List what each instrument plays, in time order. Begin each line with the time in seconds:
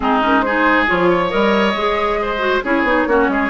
0.00 bassoon G#3, clarinet C4, oboe D#4, flute G#4
0.21 clarinet C#4, flute A#4
0.41 clarinet D#4, oboe G#4, flute C5
0.86 bassoon F3, clarinet F4, flute C#5
1.10 oboe C#5
1.29 bassoon G3, clarinet A#4, flute D#5
1.74 bassoon G#3, clarinet G#4
2.21 oboe C5
2.38 clarinet F#4
2.64 bassoon C#4, clarinet E4, oboe G#4, flute C#5
2.83 bassoon B3, clarinet D#4
3.06 bassoon A#3, clarinet C#4, oboe F#4
3.28 bassoon G#3, oboe G#4